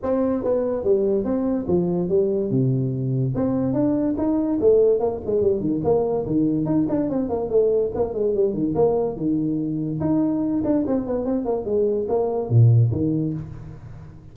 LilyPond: \new Staff \with { instrumentName = "tuba" } { \time 4/4 \tempo 4 = 144 c'4 b4 g4 c'4 | f4 g4 c2 | c'4 d'4 dis'4 a4 | ais8 gis8 g8 dis8 ais4 dis4 |
dis'8 d'8 c'8 ais8 a4 ais8 gis8 | g8 dis8 ais4 dis2 | dis'4. d'8 c'8 b8 c'8 ais8 | gis4 ais4 ais,4 dis4 | }